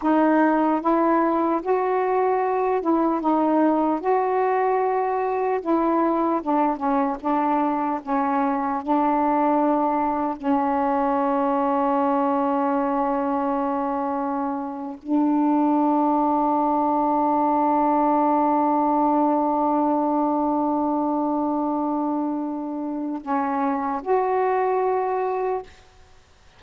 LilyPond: \new Staff \with { instrumentName = "saxophone" } { \time 4/4 \tempo 4 = 75 dis'4 e'4 fis'4. e'8 | dis'4 fis'2 e'4 | d'8 cis'8 d'4 cis'4 d'4~ | d'4 cis'2.~ |
cis'2~ cis'8. d'4~ d'16~ | d'1~ | d'1~ | d'4 cis'4 fis'2 | }